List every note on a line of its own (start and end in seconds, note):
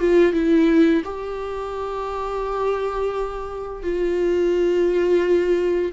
0.00 0.33 F4
0.33 1.03 E4
1.05 3.83 G4
3.83 5.92 F4